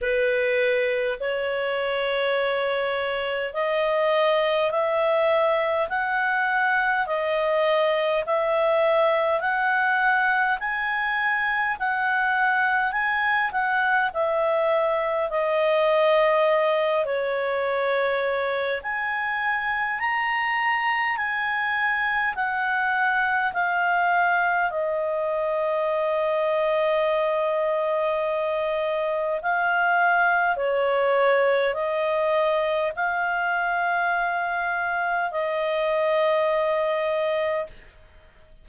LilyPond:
\new Staff \with { instrumentName = "clarinet" } { \time 4/4 \tempo 4 = 51 b'4 cis''2 dis''4 | e''4 fis''4 dis''4 e''4 | fis''4 gis''4 fis''4 gis''8 fis''8 | e''4 dis''4. cis''4. |
gis''4 ais''4 gis''4 fis''4 | f''4 dis''2.~ | dis''4 f''4 cis''4 dis''4 | f''2 dis''2 | }